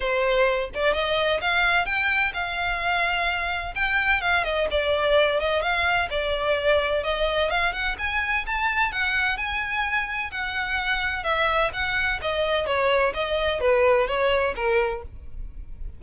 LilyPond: \new Staff \with { instrumentName = "violin" } { \time 4/4 \tempo 4 = 128 c''4. d''8 dis''4 f''4 | g''4 f''2. | g''4 f''8 dis''8 d''4. dis''8 | f''4 d''2 dis''4 |
f''8 fis''8 gis''4 a''4 fis''4 | gis''2 fis''2 | e''4 fis''4 dis''4 cis''4 | dis''4 b'4 cis''4 ais'4 | }